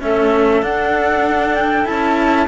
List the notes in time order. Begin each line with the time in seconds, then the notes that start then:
0.00 A3 C#4 A4 E5
0.62 D4 F#5
1.55 G5
1.84 C#4 E4 A5